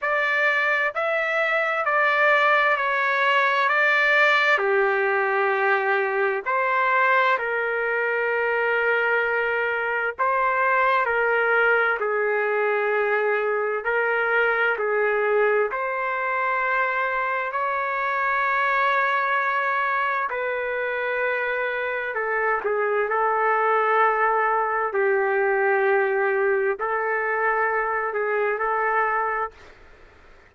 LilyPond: \new Staff \with { instrumentName = "trumpet" } { \time 4/4 \tempo 4 = 65 d''4 e''4 d''4 cis''4 | d''4 g'2 c''4 | ais'2. c''4 | ais'4 gis'2 ais'4 |
gis'4 c''2 cis''4~ | cis''2 b'2 | a'8 gis'8 a'2 g'4~ | g'4 a'4. gis'8 a'4 | }